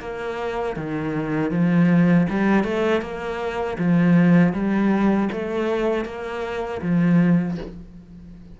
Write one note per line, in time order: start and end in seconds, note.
0.00 0.76 A#3
0.76 1.51 D#3
1.51 2.27 F3
2.29 2.63 G3
2.63 3.01 A3
3.01 3.77 A#3
3.78 4.53 F3
4.53 5.29 G3
5.32 6.05 A3
6.05 6.81 A#3
6.81 7.57 F3